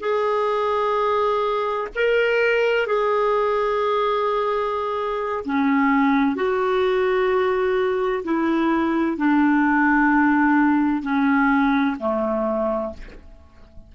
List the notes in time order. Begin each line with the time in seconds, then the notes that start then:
0.00 G#4
1.95 A#4
2.86 G#4
5.45 C#4
6.35 F#4
8.23 E4
9.17 D4
11.02 C#4
11.99 A3